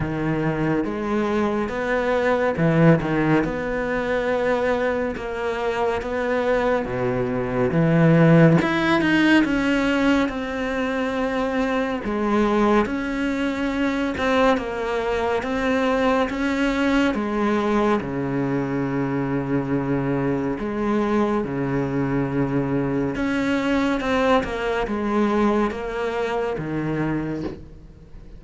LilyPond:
\new Staff \with { instrumentName = "cello" } { \time 4/4 \tempo 4 = 70 dis4 gis4 b4 e8 dis8 | b2 ais4 b4 | b,4 e4 e'8 dis'8 cis'4 | c'2 gis4 cis'4~ |
cis'8 c'8 ais4 c'4 cis'4 | gis4 cis2. | gis4 cis2 cis'4 | c'8 ais8 gis4 ais4 dis4 | }